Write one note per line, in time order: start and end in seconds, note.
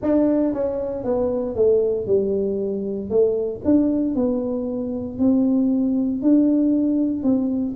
0.02 0.53 D4
0.53 1.03 C#4
1.03 1.55 B3
1.55 2.06 A3
2.06 3.09 G3
3.09 3.61 A3
3.64 4.15 D4
4.15 5.18 B3
5.18 6.22 C4
6.22 7.23 D4
7.23 7.74 C4